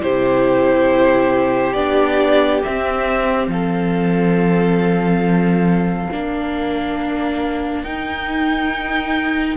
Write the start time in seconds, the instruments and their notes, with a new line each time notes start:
0.00 cello C3, viola E4, violin G4 C5
1.73 cello B3, viola D4, violin D5
2.63 viola C4, cello C4, violin E5
3.47 cello F3, violin A4 F5
6.11 cello A#3, viola D4, violin A#4
7.83 cello D#4, viola D#4, violin G5